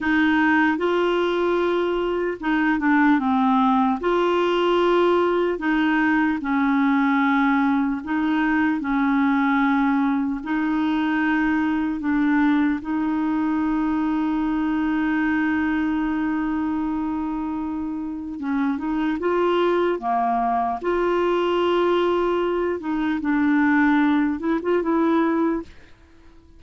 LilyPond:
\new Staff \with { instrumentName = "clarinet" } { \time 4/4 \tempo 4 = 75 dis'4 f'2 dis'8 d'8 | c'4 f'2 dis'4 | cis'2 dis'4 cis'4~ | cis'4 dis'2 d'4 |
dis'1~ | dis'2. cis'8 dis'8 | f'4 ais4 f'2~ | f'8 dis'8 d'4. e'16 f'16 e'4 | }